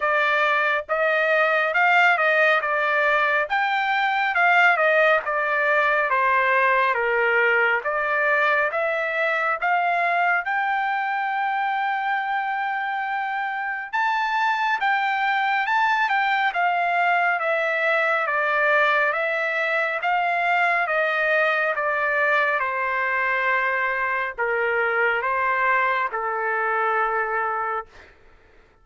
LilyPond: \new Staff \with { instrumentName = "trumpet" } { \time 4/4 \tempo 4 = 69 d''4 dis''4 f''8 dis''8 d''4 | g''4 f''8 dis''8 d''4 c''4 | ais'4 d''4 e''4 f''4 | g''1 |
a''4 g''4 a''8 g''8 f''4 | e''4 d''4 e''4 f''4 | dis''4 d''4 c''2 | ais'4 c''4 a'2 | }